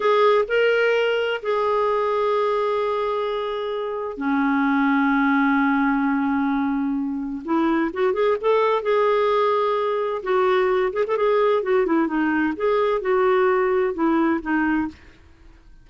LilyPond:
\new Staff \with { instrumentName = "clarinet" } { \time 4/4 \tempo 4 = 129 gis'4 ais'2 gis'4~ | gis'1~ | gis'4 cis'2.~ | cis'1 |
e'4 fis'8 gis'8 a'4 gis'4~ | gis'2 fis'4. gis'16 a'16 | gis'4 fis'8 e'8 dis'4 gis'4 | fis'2 e'4 dis'4 | }